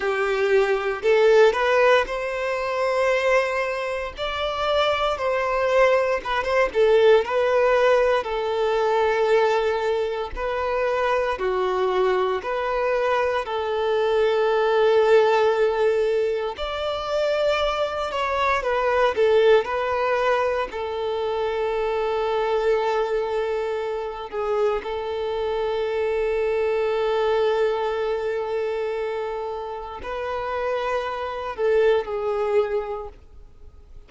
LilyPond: \new Staff \with { instrumentName = "violin" } { \time 4/4 \tempo 4 = 58 g'4 a'8 b'8 c''2 | d''4 c''4 b'16 c''16 a'8 b'4 | a'2 b'4 fis'4 | b'4 a'2. |
d''4. cis''8 b'8 a'8 b'4 | a'2.~ a'8 gis'8 | a'1~ | a'4 b'4. a'8 gis'4 | }